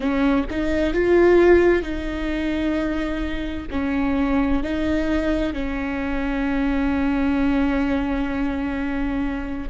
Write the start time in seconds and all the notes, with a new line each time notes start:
0.00 C#4
0.50 D#4
0.93 F4
1.82 D#4
3.70 C#4
4.63 D#4
5.53 C#4